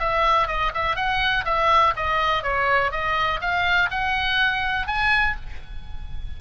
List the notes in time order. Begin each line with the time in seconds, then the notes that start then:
0.00 E5
0.47 D#5
0.75 E5
0.96 F#5
1.45 E5
1.96 D#5
2.43 C#5
2.92 D#5
3.41 F5
3.91 F#5
4.87 G#5